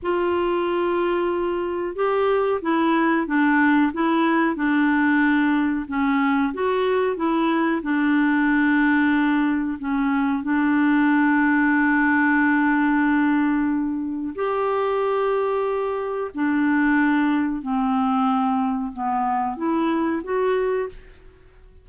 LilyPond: \new Staff \with { instrumentName = "clarinet" } { \time 4/4 \tempo 4 = 92 f'2. g'4 | e'4 d'4 e'4 d'4~ | d'4 cis'4 fis'4 e'4 | d'2. cis'4 |
d'1~ | d'2 g'2~ | g'4 d'2 c'4~ | c'4 b4 e'4 fis'4 | }